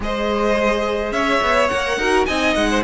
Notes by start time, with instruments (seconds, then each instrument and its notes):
0.00 cello G#3, viola G#4, violin C5 D#5
1.11 cello C#4, violin C#5 E5
1.41 cello B3
1.68 cello A#3, viola A#4, violin F#5
1.97 cello D#4, viola F#4, violin A#4
2.25 cello C4, viola D#4, violin D#5 G#5
2.55 cello G#3, violin F#5
2.69 violin C5